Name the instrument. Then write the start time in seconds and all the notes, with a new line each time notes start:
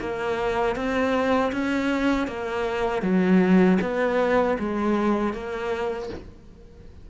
cello
0.00 A#3
0.76 C4
1.52 C#4
2.27 A#3
3.02 F#3
3.81 B3
4.59 G#3
5.33 A#3